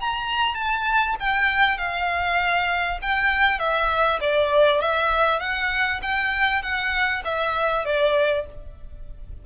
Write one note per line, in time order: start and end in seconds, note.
0.00 0.54 A#5
0.54 1.15 A5
1.19 1.77 G5
1.77 2.99 F5
3.01 3.58 G5
3.58 4.19 E5
4.20 4.81 D5
4.81 5.39 E5
5.39 6.00 F#5
6.02 6.62 G5
6.62 7.22 F#5
7.24 7.85 E5
7.85 8.45 D5